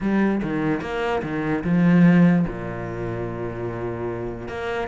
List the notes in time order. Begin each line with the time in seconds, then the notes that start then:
0.00 G3
0.42 D#3
0.81 A#3
1.22 D#3
1.63 F3
2.48 A#2
4.48 A#3